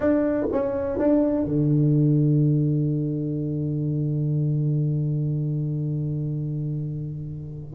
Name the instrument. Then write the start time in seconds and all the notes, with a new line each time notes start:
tuba
0.00 D4
0.52 C#4
0.98 D4
1.45 D3